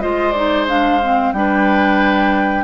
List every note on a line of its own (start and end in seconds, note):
0.00 1.32 G#3
0.00 0.33 F4
0.00 1.33 C5
0.00 0.32 D#5
0.32 0.67 D#4
0.32 0.65 D5
0.67 1.00 D4
0.67 1.32 F5
1.02 1.35 C4
1.32 2.64 G3
1.32 2.64 D4
1.32 2.64 B4
1.32 2.64 G5